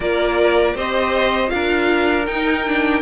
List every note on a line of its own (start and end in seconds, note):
0.00 0.75 A#3
0.00 0.75 F4
0.00 0.75 A#4
0.00 0.76 D5
0.75 1.51 C4
0.75 1.47 G4
0.75 1.51 C5
0.75 1.49 D#5
1.47 2.27 D4
1.47 2.23 F4
1.47 2.25 F5
1.54 3.01 A#4
2.26 3.01 D#4
2.26 2.66 D#4
2.26 3.01 G5
2.66 3.01 D4